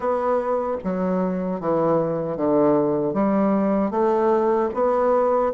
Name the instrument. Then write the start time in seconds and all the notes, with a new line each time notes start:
bassoon
0.00 B3
0.84 F#3
1.60 E3
2.36 D3
3.13 G3
3.90 A3
4.74 B3